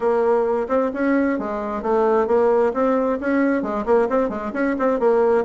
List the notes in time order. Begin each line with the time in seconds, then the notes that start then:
0.00 A#3
0.68 C4
0.93 C#4
1.38 G#3
1.82 A3
2.27 A#3
2.73 C4
3.20 C#4
3.62 G#3
3.85 A#3
4.09 C4
4.29 G#3
4.53 C#4
4.78 C4
4.99 A#3